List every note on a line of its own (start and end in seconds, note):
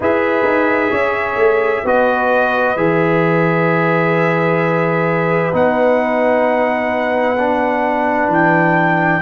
0.00 0.44 E4
0.00 1.85 G#4
0.00 0.90 B4
0.00 1.87 E5
0.44 0.90 D#4
0.90 1.36 C#4
0.90 1.83 C#5
1.36 1.82 A3
1.84 2.76 B3
1.84 2.77 F#4
1.84 9.21 B4
1.84 2.76 D#5
2.76 5.53 E3
2.76 5.52 G#4
2.76 5.53 E5
5.52 8.28 B3
5.52 7.37 D#4
5.52 8.32 F#5
7.38 9.21 D4
8.28 9.20 E3
8.28 9.21 G5